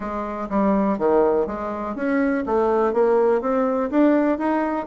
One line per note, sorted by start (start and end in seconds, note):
0.00 0.48 G#3
0.49 0.98 G3
0.98 1.46 D#3
1.46 1.95 G#3
1.95 2.44 C#4
2.45 2.93 A3
2.93 3.41 A#3
3.41 3.90 C4
3.90 4.38 D4
4.38 4.86 D#4